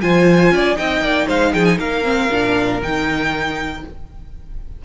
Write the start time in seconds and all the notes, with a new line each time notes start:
0.00 F3 F4 C5 G#5
0.51 C#4 D5
0.76 C4 D#4 D#5 G5
1.01 A#3 D5
1.26 G#3 C5 F5
1.53 F3 G#4 G5
1.65 G#5
1.78 A#3 A#4 F5
2.03 C4
2.30 A#2 D4
2.81 D#3 D#4 G5